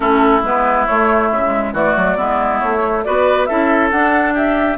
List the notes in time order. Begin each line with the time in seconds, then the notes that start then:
0.00 A3 C#4 E4 A4
0.42 G#3 B3 B4
0.86 A3 C#5
1.30 C#3 E5
1.44 G#3
1.72 E3 A3 F#4 D5
1.96 F#3
2.16 G#3 B3 E4
2.59 A3 C#5
2.78 A3
3.03 B3 F#4 B4 D5
3.45 C#4 E4 A4 E5
3.90 D4 F#5
4.34 G4 E5